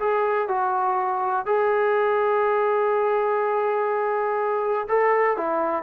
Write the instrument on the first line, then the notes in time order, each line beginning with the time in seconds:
trombone
0.00 G#4
0.49 F#4
1.46 G#4
4.89 A4
5.37 E4